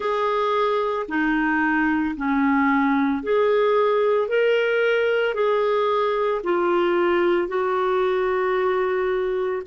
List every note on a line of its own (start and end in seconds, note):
0.00 1.06 G#4
1.08 2.15 D#4
2.16 3.23 C#4
3.23 4.28 G#4
4.28 5.34 A#4
5.34 6.41 G#4
6.43 7.48 F4
7.48 9.62 F#4